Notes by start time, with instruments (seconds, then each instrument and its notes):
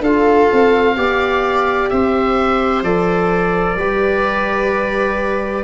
0.00 tuba D4, trombone F4, viola A4, oboe F5
0.52 tuba C4
0.96 tuba B3, trombone G4, viola D5
1.89 tuba C4, viola C5, oboe E5
2.82 tuba F3, trombone A4, oboe D5
3.76 tuba G3, trombone G4, viola B4